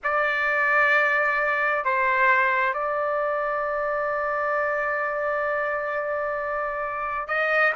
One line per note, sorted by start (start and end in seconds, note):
0.03 1.84 D5
1.84 2.73 C5
2.73 7.27 D5
7.27 7.73 D#5